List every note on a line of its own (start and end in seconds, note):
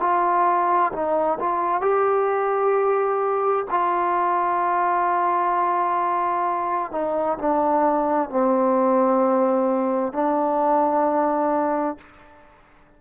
0.00 0.92 F4
0.93 1.39 D#4
1.40 1.81 F4
1.81 3.66 G4
3.70 6.92 F4
6.92 7.38 D#4
7.39 8.30 D4
8.30 10.13 C4
10.13 11.98 D4